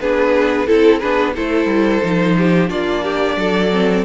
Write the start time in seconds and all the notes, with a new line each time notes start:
0.00 B3 D4 G#4 B4
0.67 C4 E4 A4
0.99 B3 D4 G#4 B4
1.35 A3 E4 A4 C5
1.65 G3
2.03 F3 D#4
2.37 G4
2.68 A#3 D4 F4 D5
3.03 G4
3.37 F#3 A4
3.72 C4